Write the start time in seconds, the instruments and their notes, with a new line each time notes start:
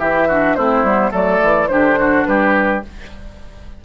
0.00 bassoon E3, clarinet E4, oboe G4, flute E5
0.28 clarinet D4, oboe F#4
0.56 bassoon A3, clarinet C4, oboe E4, flute C5
0.83 bassoon G3, clarinet B3
1.11 bassoon F#3, clarinet A3, oboe A4, flute D5
1.43 bassoon E3
1.69 bassoon D3, clarinet D4, oboe G4, flute C5
2.00 oboe F#4
2.26 bassoon G3, oboe G4, flute B4